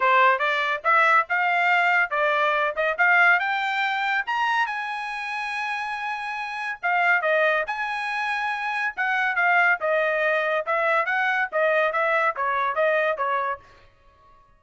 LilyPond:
\new Staff \with { instrumentName = "trumpet" } { \time 4/4 \tempo 4 = 141 c''4 d''4 e''4 f''4~ | f''4 d''4. dis''8 f''4 | g''2 ais''4 gis''4~ | gis''1 |
f''4 dis''4 gis''2~ | gis''4 fis''4 f''4 dis''4~ | dis''4 e''4 fis''4 dis''4 | e''4 cis''4 dis''4 cis''4 | }